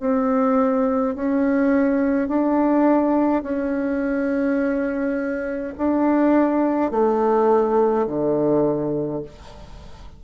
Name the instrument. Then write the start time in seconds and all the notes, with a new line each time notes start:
bassoon
0.00 C4
1.15 C#4
2.28 D4
3.42 C#4
5.78 D4
6.91 A3
8.07 D3